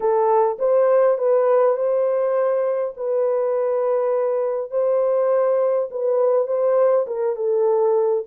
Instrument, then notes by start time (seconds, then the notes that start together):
horn
0.00 A4
0.59 C5
1.18 B4
1.76 C5
2.96 B4
4.71 C5
5.90 B4
6.47 C5
7.06 A#4
7.36 A4